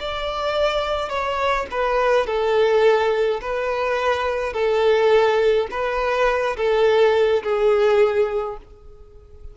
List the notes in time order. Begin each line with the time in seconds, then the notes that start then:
0.00 D5
1.10 C#5
1.71 B4
2.27 A4
3.42 B4
4.54 A4
5.71 B4
6.57 A4
7.43 G#4